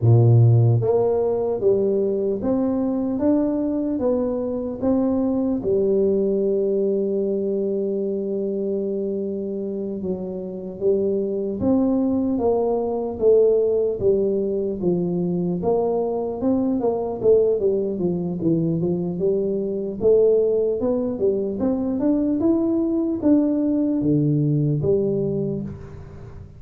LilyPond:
\new Staff \with { instrumentName = "tuba" } { \time 4/4 \tempo 4 = 75 ais,4 ais4 g4 c'4 | d'4 b4 c'4 g4~ | g1~ | g8 fis4 g4 c'4 ais8~ |
ais8 a4 g4 f4 ais8~ | ais8 c'8 ais8 a8 g8 f8 e8 f8 | g4 a4 b8 g8 c'8 d'8 | e'4 d'4 d4 g4 | }